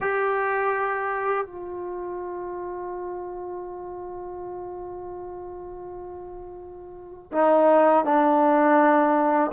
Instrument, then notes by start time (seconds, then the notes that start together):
trombone
0.00 G4
1.46 F4
7.32 D#4
8.05 D4